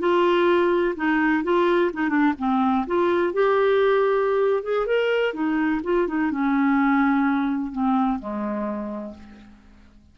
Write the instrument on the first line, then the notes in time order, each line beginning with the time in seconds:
clarinet
0.00 F4
0.96 D#4
1.44 F4
1.94 D#4
2.10 D4
2.39 C4
2.87 F4
3.34 G4
4.64 G#4
4.87 A#4
5.34 D#4
5.84 F4
6.08 D#4
6.32 C#4
7.73 C4
8.20 G#3